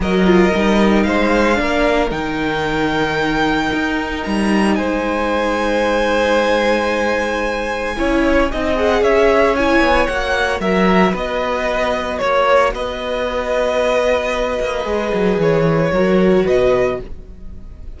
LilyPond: <<
  \new Staff \with { instrumentName = "violin" } { \time 4/4 \tempo 4 = 113 dis''2 f''2 | g''1 | ais''4 gis''2.~ | gis''1~ |
gis''8 fis''8 e''4 gis''4 fis''4 | e''4 dis''2 cis''4 | dis''1~ | dis''4 cis''2 dis''4 | }
  \new Staff \with { instrumentName = "violin" } { \time 4/4 ais'2 c''4 ais'4~ | ais'1~ | ais'4 c''2.~ | c''2. cis''4 |
dis''4 cis''2. | ais'4 b'2 cis''4 | b'1~ | b'2 ais'4 b'4 | }
  \new Staff \with { instrumentName = "viola" } { \time 4/4 fis'8 f'8 dis'2 d'4 | dis'1~ | dis'1~ | dis'2. e'4 |
dis'8 gis'4. e'4 fis'4~ | fis'1~ | fis'1 | gis'2 fis'2 | }
  \new Staff \with { instrumentName = "cello" } { \time 4/4 fis4 g4 gis4 ais4 | dis2. dis'4 | g4 gis2.~ | gis2. cis'4 |
c'4 cis'4. b8 ais4 | fis4 b2 ais4 | b2.~ b8 ais8 | gis8 fis8 e4 fis4 b,4 | }
>>